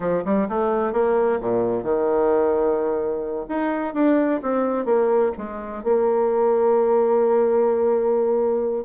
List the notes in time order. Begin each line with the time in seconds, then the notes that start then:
0.00 F3
0.24 G3
0.48 A3
0.93 A#3
1.40 A#2
1.83 D#3
3.48 D#4
3.94 D4
4.42 C4
4.85 A#3
5.37 G#3
5.83 A#3